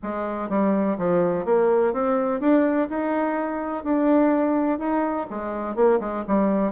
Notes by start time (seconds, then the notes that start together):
0.02 G#3
0.49 G3
0.98 F3
1.45 A#3
1.93 C4
2.40 D4
2.89 D#4
3.84 D4
4.78 D#4
5.29 G#3
5.75 A#3
6.00 G#3
6.27 G3